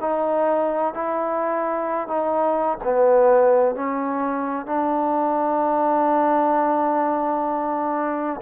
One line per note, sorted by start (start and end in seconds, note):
0.00 0.94 D#4
0.94 2.07 E4
2.07 2.77 D#4
2.83 3.75 B3
3.75 4.65 C#4
4.65 8.40 D4